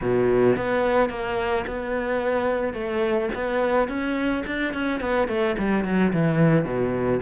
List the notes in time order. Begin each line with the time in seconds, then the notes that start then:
0.01 B2
0.56 B3
1.09 A#3
1.66 B3
2.73 A3
3.34 B3
3.88 C#4
4.46 D4
4.73 C#4
5.00 B3
5.28 A3
5.58 G3
5.84 F#3
6.12 E3
6.64 B2